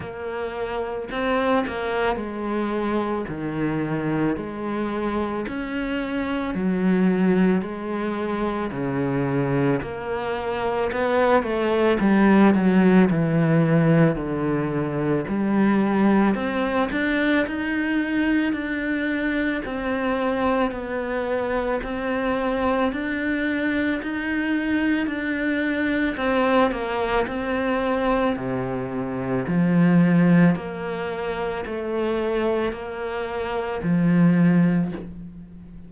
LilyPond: \new Staff \with { instrumentName = "cello" } { \time 4/4 \tempo 4 = 55 ais4 c'8 ais8 gis4 dis4 | gis4 cis'4 fis4 gis4 | cis4 ais4 b8 a8 g8 fis8 | e4 d4 g4 c'8 d'8 |
dis'4 d'4 c'4 b4 | c'4 d'4 dis'4 d'4 | c'8 ais8 c'4 c4 f4 | ais4 a4 ais4 f4 | }